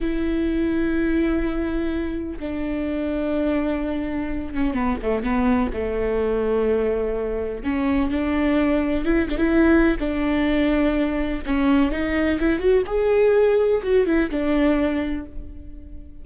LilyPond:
\new Staff \with { instrumentName = "viola" } { \time 4/4 \tempo 4 = 126 e'1~ | e'4 d'2.~ | d'4. cis'8 b8 a8 b4 | a1 |
cis'4 d'2 e'8 d'16 e'16~ | e'4 d'2. | cis'4 dis'4 e'8 fis'8 gis'4~ | gis'4 fis'8 e'8 d'2 | }